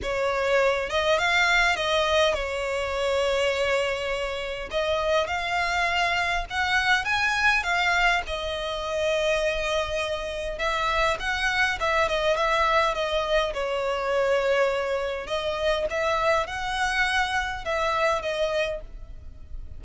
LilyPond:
\new Staff \with { instrumentName = "violin" } { \time 4/4 \tempo 4 = 102 cis''4. dis''8 f''4 dis''4 | cis''1 | dis''4 f''2 fis''4 | gis''4 f''4 dis''2~ |
dis''2 e''4 fis''4 | e''8 dis''8 e''4 dis''4 cis''4~ | cis''2 dis''4 e''4 | fis''2 e''4 dis''4 | }